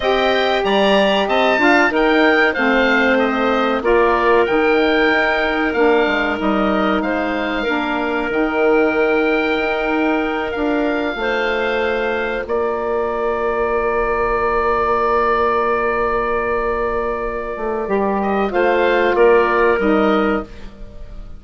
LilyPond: <<
  \new Staff \with { instrumentName = "oboe" } { \time 4/4 \tempo 4 = 94 g''4 ais''4 a''4 g''4 | f''4 dis''4 d''4 g''4~ | g''4 f''4 dis''4 f''4~ | f''4 g''2.~ |
g''8 f''2. d''8~ | d''1~ | d''1~ | d''8 dis''8 f''4 d''4 dis''4 | }
  \new Staff \with { instrumentName = "clarinet" } { \time 4/4 dis''4 d''4 dis''8 f''8 ais'4 | c''2 ais'2~ | ais'2. c''4 | ais'1~ |
ais'4. c''2 ais'8~ | ais'1~ | ais'1~ | ais'4 c''4 ais'2 | }
  \new Staff \with { instrumentName = "saxophone" } { \time 4/4 g'2~ g'8 f'8 dis'4 | c'2 f'4 dis'4~ | dis'4 d'4 dis'2 | d'4 dis'2.~ |
dis'8 f'2.~ f'8~ | f'1~ | f'1 | g'4 f'2 dis'4 | }
  \new Staff \with { instrumentName = "bassoon" } { \time 4/4 c'4 g4 c'8 d'8 dis'4 | a2 ais4 dis4 | dis'4 ais8 gis8 g4 gis4 | ais4 dis2 dis'4~ |
dis'8 d'4 a2 ais8~ | ais1~ | ais2.~ ais8 a8 | g4 a4 ais4 g4 | }
>>